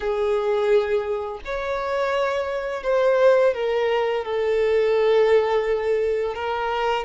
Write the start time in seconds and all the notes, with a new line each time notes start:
0.00 G#4
1.45 C#5
2.83 C5
3.54 A#4
4.24 A4
6.35 A#4